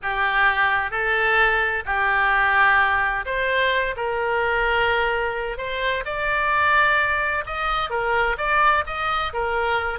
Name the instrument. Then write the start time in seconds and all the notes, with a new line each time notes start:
oboe
0.02 G4
0.90 A4
1.85 G4
3.25 C5
3.96 A#4
5.57 C5
6.05 D5
7.45 D#5
7.89 A#4
8.37 D5
8.86 D#5
9.33 A#4